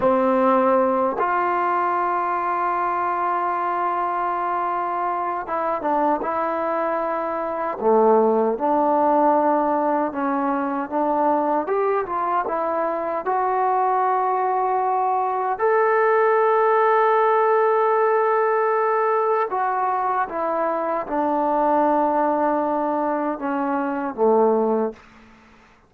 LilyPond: \new Staff \with { instrumentName = "trombone" } { \time 4/4 \tempo 4 = 77 c'4. f'2~ f'8~ | f'2. e'8 d'8 | e'2 a4 d'4~ | d'4 cis'4 d'4 g'8 f'8 |
e'4 fis'2. | a'1~ | a'4 fis'4 e'4 d'4~ | d'2 cis'4 a4 | }